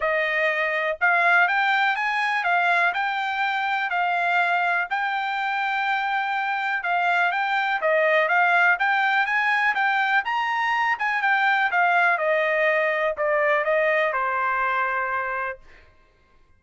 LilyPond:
\new Staff \with { instrumentName = "trumpet" } { \time 4/4 \tempo 4 = 123 dis''2 f''4 g''4 | gis''4 f''4 g''2 | f''2 g''2~ | g''2 f''4 g''4 |
dis''4 f''4 g''4 gis''4 | g''4 ais''4. gis''8 g''4 | f''4 dis''2 d''4 | dis''4 c''2. | }